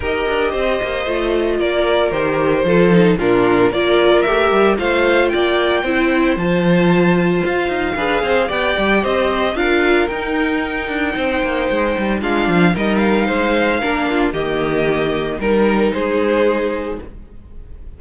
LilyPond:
<<
  \new Staff \with { instrumentName = "violin" } { \time 4/4 \tempo 4 = 113 dis''2. d''4 | c''2 ais'4 d''4 | e''4 f''4 g''2 | a''2 f''2 |
g''4 dis''4 f''4 g''4~ | g''2. f''4 | dis''8 f''2~ f''8 dis''4~ | dis''4 ais'4 c''2 | }
  \new Staff \with { instrumentName = "violin" } { \time 4/4 ais'4 c''2 ais'4~ | ais'4 a'4 f'4 ais'4~ | ais'4 c''4 d''4 c''4~ | c''2. b'8 c''8 |
d''4 c''4 ais'2~ | ais'4 c''2 f'4 | ais'4 c''4 ais'8 f'8 g'4~ | g'4 ais'4 gis'2 | }
  \new Staff \with { instrumentName = "viola" } { \time 4/4 g'2 f'2 | g'4 f'8 dis'8 d'4 f'4 | g'4 f'2 e'4 | f'2. gis'4 |
g'2 f'4 dis'4~ | dis'2. d'4 | dis'2 d'4 ais4~ | ais4 dis'2. | }
  \new Staff \with { instrumentName = "cello" } { \time 4/4 dis'8 d'8 c'8 ais8 a4 ais4 | dis4 f4 ais,4 ais4 | a8 g8 a4 ais4 c'4 | f2 f'8 dis'8 d'8 c'8 |
b8 g8 c'4 d'4 dis'4~ | dis'8 d'8 c'8 ais8 gis8 g8 gis8 f8 | g4 gis4 ais4 dis4~ | dis4 g4 gis2 | }
>>